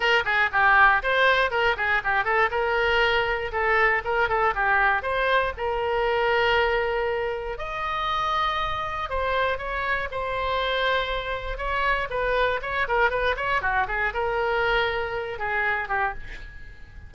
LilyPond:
\new Staff \with { instrumentName = "oboe" } { \time 4/4 \tempo 4 = 119 ais'8 gis'8 g'4 c''4 ais'8 gis'8 | g'8 a'8 ais'2 a'4 | ais'8 a'8 g'4 c''4 ais'4~ | ais'2. dis''4~ |
dis''2 c''4 cis''4 | c''2. cis''4 | b'4 cis''8 ais'8 b'8 cis''8 fis'8 gis'8 | ais'2~ ais'8 gis'4 g'8 | }